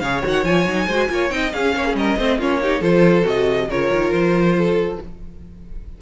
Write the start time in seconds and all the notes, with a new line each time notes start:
0.00 C#3 G#4 C#5 F5
0.23 D#3 F#4 F#5
0.45 F3 F4 G#5
0.65 F#3 D#4
0.87 G#3 F#4 C5
1.09 A#3 F4 C#5
1.30 C4 D#4 D#5 G5
1.53 C#4 G#4 F5
1.76 A#3 C#5
1.86 G#4
1.95 G3 A#4 D#5
2.17 A3 C4 C5
2.38 A#3 C#4 F4 C#5
2.62 D#4 G4
2.80 F3 F4 A4 C5
3.23 C3 F#4 D#5
3.69 C#3 F4 A#4 C#5
3.92 D#3
4.12 F3 C5
4.58 A4